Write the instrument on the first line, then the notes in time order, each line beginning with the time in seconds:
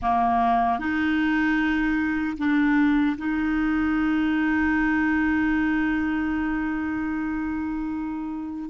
clarinet
0.01 A#3
0.79 D#4
2.37 D4
3.17 D#4